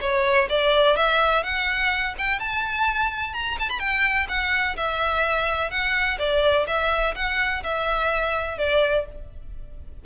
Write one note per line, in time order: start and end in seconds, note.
0.00 0.48 C#5
0.49 0.96 D5
0.96 1.43 E5
1.43 2.14 F#5
2.18 2.39 G5
2.39 3.33 A5
3.33 3.57 A#5
3.59 3.69 A5
3.69 3.79 B5
3.79 4.27 G5
4.28 4.76 F#5
4.76 5.70 E5
5.70 6.18 F#5
6.18 6.66 D5
6.67 7.14 E5
7.15 7.63 F#5
7.63 8.57 E5
8.57 9.05 D5